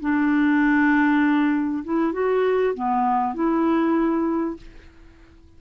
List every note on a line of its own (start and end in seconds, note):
0.00 1.84 D4
1.84 2.13 E4
2.13 2.74 F#4
2.74 3.35 B3
3.35 4.57 E4